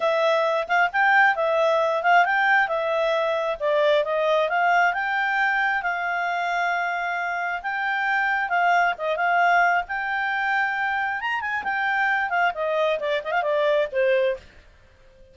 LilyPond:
\new Staff \with { instrumentName = "clarinet" } { \time 4/4 \tempo 4 = 134 e''4. f''8 g''4 e''4~ | e''8 f''8 g''4 e''2 | d''4 dis''4 f''4 g''4~ | g''4 f''2.~ |
f''4 g''2 f''4 | dis''8 f''4. g''2~ | g''4 ais''8 gis''8 g''4. f''8 | dis''4 d''8 dis''16 f''16 d''4 c''4 | }